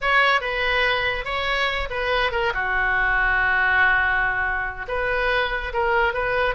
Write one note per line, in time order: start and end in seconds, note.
0.01 0.41 C#5
0.41 1.24 B4
1.24 1.88 C#5
1.90 2.31 B4
2.31 2.52 A#4
2.54 4.86 F#4
4.88 5.72 B4
5.73 6.13 A#4
6.13 6.54 B4